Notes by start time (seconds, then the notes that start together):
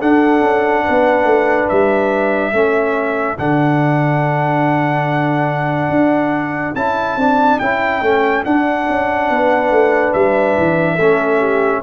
0.00 D4 A4 F#5
0.41 C#4
0.85 B3 B4
1.25 A3
1.69 G3 E5
2.53 A3 C#4 A4
3.37 D3 D4 F#5
5.90 D4
6.76 C#4 E4 A5
7.17 C4 D4
7.60 C#4 E4 G5
8.02 A3 C#4
8.45 D4 F#5
8.89 C#4
9.30 B3 B4
9.71 A3
10.14 G3 E5
10.58 E3
10.96 A3 C#4 A4
11.39 G4